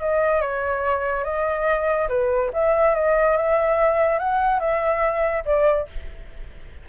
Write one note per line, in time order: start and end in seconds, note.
0.00 0.41 D#5
0.41 1.24 C#5
1.24 2.08 D#5
2.09 2.51 B4
2.53 2.95 E5
2.95 3.37 D#5
3.37 4.19 E5
4.19 4.60 F#5
4.60 5.44 E5
5.45 5.87 D5